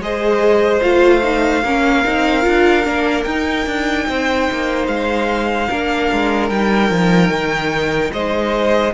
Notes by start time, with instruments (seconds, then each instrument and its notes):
0.00 cello G#3, viola G#4, violin C5 D#5
0.82 cello A3, viola F4, violin F5
1.23 viola D#4
1.64 cello A#3, viola C#4, violin A#4
2.05 cello C4, viola D#4
2.42 cello D4, viola F4
2.85 cello A#3, viola D4
3.24 cello D#4, viola D#4, violin G5
3.66 cello D4
4.09 cello C4, violin C5
4.51 cello A#3
4.87 cello G#3, violin F5
5.69 cello A#3, viola D4, violin A#4
6.12 cello G#3
6.49 cello G3, viola D#4, violin G5
6.91 cello F3
7.29 cello D#3
8.13 cello G#3, violin C5 D#5